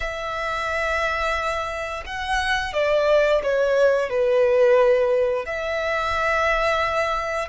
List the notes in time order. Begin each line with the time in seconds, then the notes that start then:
0.00 E5
2.06 F#5
2.73 D5
3.43 C#5
4.09 B4
5.45 E5